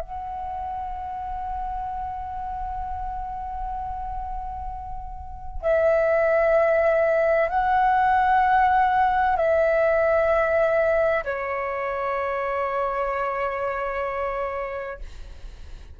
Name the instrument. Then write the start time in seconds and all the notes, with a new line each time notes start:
flute
0.00 F#5
5.61 E5
7.49 F#5
9.36 E5
11.24 C#5